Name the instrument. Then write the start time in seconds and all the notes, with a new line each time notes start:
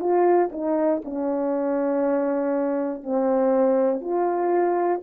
horn
0.00 F4
0.52 D#4
1.05 C#4
3.03 C4
4.01 F4